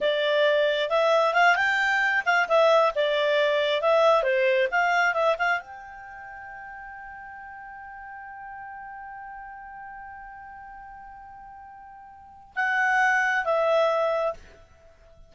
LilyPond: \new Staff \with { instrumentName = "clarinet" } { \time 4/4 \tempo 4 = 134 d''2 e''4 f''8 g''8~ | g''4 f''8 e''4 d''4.~ | d''8 e''4 c''4 f''4 e''8 | f''8 g''2.~ g''8~ |
g''1~ | g''1~ | g''1 | fis''2 e''2 | }